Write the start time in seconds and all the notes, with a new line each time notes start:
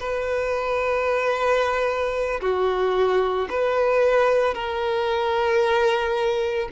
0.00 B4
2.42 F#4
3.50 B4
4.54 A#4